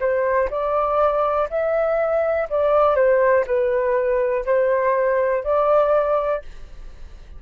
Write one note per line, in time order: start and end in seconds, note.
0.00 0.49 C5
0.51 1.49 D5
1.50 2.49 E5
2.50 2.96 D5
2.96 3.45 C5
3.46 4.45 B4
4.45 5.44 C5
5.44 6.42 D5